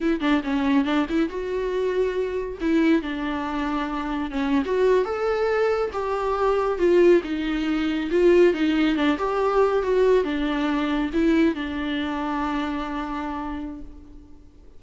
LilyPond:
\new Staff \with { instrumentName = "viola" } { \time 4/4 \tempo 4 = 139 e'8 d'8 cis'4 d'8 e'8 fis'4~ | fis'2 e'4 d'4~ | d'2 cis'8. fis'4 a'16~ | a'4.~ a'16 g'2 f'16~ |
f'8. dis'2 f'4 dis'16~ | dis'8. d'8 g'4. fis'4 d'16~ | d'4.~ d'16 e'4 d'4~ d'16~ | d'1 | }